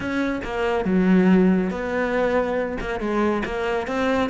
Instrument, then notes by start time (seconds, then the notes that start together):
cello
0.00 C#4
0.44 A#3
0.85 F#3
1.70 B3
2.80 A#3
2.99 G#3
3.45 A#3
3.87 C4